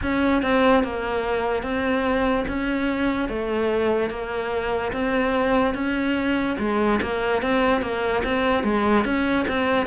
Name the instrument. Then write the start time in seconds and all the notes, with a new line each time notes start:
cello
0.02 C#4
0.42 C4
0.83 A#3
1.62 C4
2.47 C#4
3.29 A3
4.09 A#3
4.92 C4
5.74 C#4
6.59 G#3
7.02 A#3
7.42 C4
7.81 A#3
8.24 C4
8.63 G#3
9.04 C#4
9.47 C4